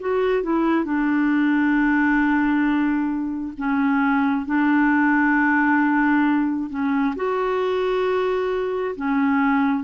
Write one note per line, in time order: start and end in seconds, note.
0.00 0.44 F#4
0.44 0.85 E4
0.85 3.54 D4
3.58 4.46 C#4
4.46 6.70 D4
6.70 7.15 C#4
7.16 8.96 F#4
8.96 9.84 C#4